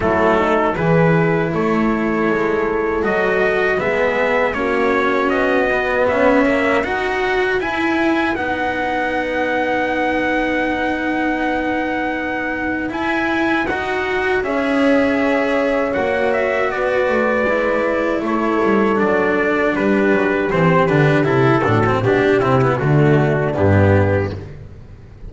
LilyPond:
<<
  \new Staff \with { instrumentName = "trumpet" } { \time 4/4 \tempo 4 = 79 a'4 b'4 cis''2 | dis''4 e''4 cis''4 dis''4 | e''4 fis''4 gis''4 fis''4~ | fis''1~ |
fis''4 gis''4 fis''4 e''4~ | e''4 fis''8 e''8 d''2 | cis''4 d''4 b'4 c''8 b'8 | a'4 g'8 e'8 fis'4 g'4 | }
  \new Staff \with { instrumentName = "horn" } { \time 4/4 e'8 dis'8 gis'4 a'2~ | a'4 gis'4 fis'2 | cis''4 b'2.~ | b'1~ |
b'2. cis''4~ | cis''2 b'2 | a'2 g'2~ | g'8 fis'8 g'4 d'2 | }
  \new Staff \with { instrumentName = "cello" } { \time 4/4 a4 e'2. | fis'4 b4 cis'4. b8~ | b8 ais8 fis'4 e'4 dis'4~ | dis'1~ |
dis'4 e'4 fis'4 gis'4~ | gis'4 fis'2 e'4~ | e'4 d'2 c'8 d'8 | e'8 d'16 c'16 d'8 c'16 b16 a4 b4 | }
  \new Staff \with { instrumentName = "double bass" } { \time 4/4 fis4 e4 a4 gis4 | fis4 gis4 ais4 b4 | cis'4 dis'4 e'4 b4~ | b1~ |
b4 e'4 dis'4 cis'4~ | cis'4 ais4 b8 a8 gis4 | a8 g8 fis4 g8 fis8 e8 d8 | c8 a,8 b,8 c8 d4 g,4 | }
>>